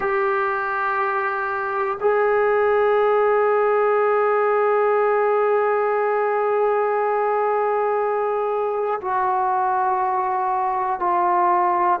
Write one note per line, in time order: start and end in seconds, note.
0.00 1.98 G4
2.00 9.00 G#4
9.00 10.99 F#4
10.99 11.99 F4